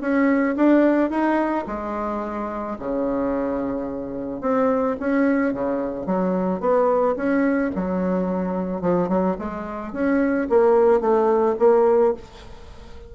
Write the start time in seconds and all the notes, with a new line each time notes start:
0.00 C#4
0.56 D4
1.10 D#4
1.67 G#3
2.79 C#3
4.41 C4
4.99 C#4
5.53 C#3
6.06 F#3
6.60 B3
7.16 C#4
7.75 F#3
8.81 F3
9.08 F#3
9.38 G#3
9.92 C#4
10.49 A#3
11.00 A3
11.59 A#3